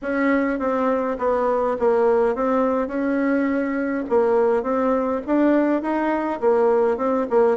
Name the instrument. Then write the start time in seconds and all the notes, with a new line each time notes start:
bassoon
0.02 C#4
0.59 C4
1.18 B3
1.79 A#3
2.35 C4
2.87 C#4
4.09 A#3
4.63 C4
5.26 D4
5.81 D#4
6.40 A#3
6.97 C4
7.30 A#3